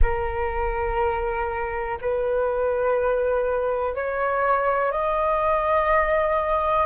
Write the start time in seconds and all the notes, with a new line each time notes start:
0.01 A#4
2.01 B4
3.94 C#5
4.91 D#5